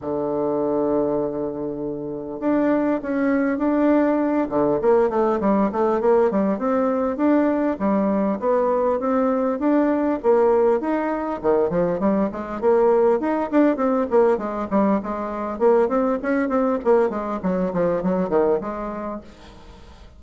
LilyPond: \new Staff \with { instrumentName = "bassoon" } { \time 4/4 \tempo 4 = 100 d1 | d'4 cis'4 d'4. d8 | ais8 a8 g8 a8 ais8 g8 c'4 | d'4 g4 b4 c'4 |
d'4 ais4 dis'4 dis8 f8 | g8 gis8 ais4 dis'8 d'8 c'8 ais8 | gis8 g8 gis4 ais8 c'8 cis'8 c'8 | ais8 gis8 fis8 f8 fis8 dis8 gis4 | }